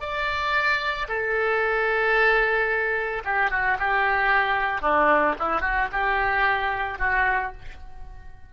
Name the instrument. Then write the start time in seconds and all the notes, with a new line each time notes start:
oboe
0.00 D5
1.08 A4
3.24 G4
3.50 F#4
3.79 G4
4.81 D4
5.39 E4
5.61 F#4
5.92 G4
6.98 F#4